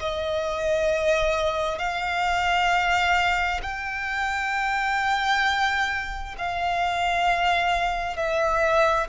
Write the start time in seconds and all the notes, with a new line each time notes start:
0.00 D#5
1.79 F5
3.62 G5
6.38 F5
8.17 E5